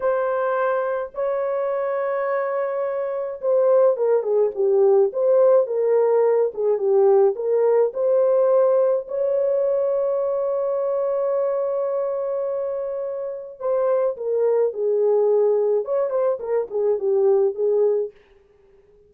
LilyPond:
\new Staff \with { instrumentName = "horn" } { \time 4/4 \tempo 4 = 106 c''2 cis''2~ | cis''2 c''4 ais'8 gis'8 | g'4 c''4 ais'4. gis'8 | g'4 ais'4 c''2 |
cis''1~ | cis''1 | c''4 ais'4 gis'2 | cis''8 c''8 ais'8 gis'8 g'4 gis'4 | }